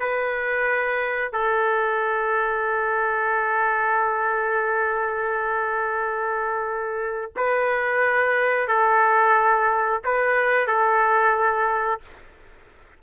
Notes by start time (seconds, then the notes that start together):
0.00 B4
1.33 A4
7.37 B4
8.68 A4
10.05 B4
10.68 A4